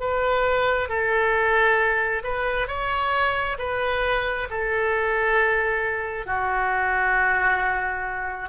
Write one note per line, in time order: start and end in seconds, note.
0.00 0.89 B4
0.89 2.23 A4
2.23 2.67 B4
2.67 3.57 C#5
3.59 4.48 B4
4.50 6.26 A4
6.26 8.49 F#4